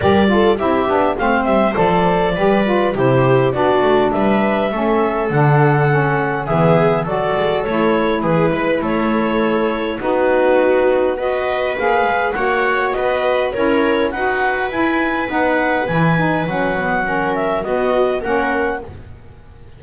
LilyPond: <<
  \new Staff \with { instrumentName = "clarinet" } { \time 4/4 \tempo 4 = 102 d''4 e''4 f''8 e''8 d''4~ | d''4 c''4 d''4 e''4~ | e''4 fis''2 e''4 | d''4 cis''4 b'4 cis''4~ |
cis''4 b'2 dis''4 | f''4 fis''4 dis''4 cis''4 | fis''4 gis''4 fis''4 gis''4 | fis''4. e''8 dis''4 fis''4 | }
  \new Staff \with { instrumentName = "viola" } { \time 4/4 ais'8 a'8 g'4 c''2 | b'4 g'4 fis'4 b'4 | a'2. gis'4 | a'2 gis'8 b'8 a'4~ |
a'4 fis'2 b'4~ | b'4 cis''4 b'4 ais'4 | b'1~ | b'4 ais'4 fis'4 ais'4 | }
  \new Staff \with { instrumentName = "saxophone" } { \time 4/4 g'8 f'8 e'8 d'8 c'4 a'4 | g'8 f'8 e'4 d'2 | cis'4 d'4 cis'4 b4 | fis'4 e'2.~ |
e'4 dis'2 fis'4 | gis'4 fis'2 e'4 | fis'4 e'4 dis'4 e'8 dis'8 | cis'8 b8 cis'4 b4 cis'4 | }
  \new Staff \with { instrumentName = "double bass" } { \time 4/4 g4 c'8 b8 a8 g8 f4 | g4 c4 b8 a8 g4 | a4 d2 e4 | fis8 gis8 a4 e8 gis8 a4~ |
a4 b2. | ais8 gis8 ais4 b4 cis'4 | dis'4 e'4 b4 e4 | fis2 b4 ais4 | }
>>